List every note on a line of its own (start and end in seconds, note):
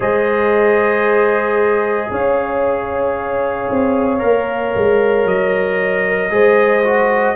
0.00 2.10 G#3
0.00 4.19 G#4
0.00 2.09 C5
0.00 2.12 D#5
2.11 3.69 C#4
2.11 6.32 C#5
2.11 5.27 F5
3.69 4.22 C4
4.19 4.75 A#3
4.19 6.29 A#4
4.75 5.25 G#3
5.25 6.30 F#3
5.25 7.35 D#5
6.30 7.35 G#3
6.30 6.83 G#4
6.30 7.35 C5
6.83 7.35 F#4